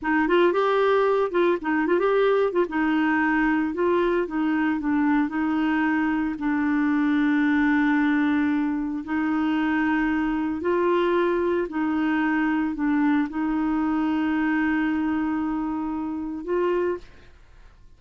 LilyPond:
\new Staff \with { instrumentName = "clarinet" } { \time 4/4 \tempo 4 = 113 dis'8 f'8 g'4. f'8 dis'8 f'16 g'16~ | g'8. f'16 dis'2 f'4 | dis'4 d'4 dis'2 | d'1~ |
d'4 dis'2. | f'2 dis'2 | d'4 dis'2.~ | dis'2. f'4 | }